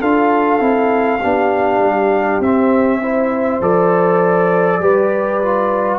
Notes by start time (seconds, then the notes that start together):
0.00 D4 F4 A4 F5
0.59 C4 E4
1.21 B3 D4 G4
1.79 G3
2.40 C4 E5
3.02 E4 C5
3.60 F3 A4 D5
4.79 G3 G4 B4
5.42 F4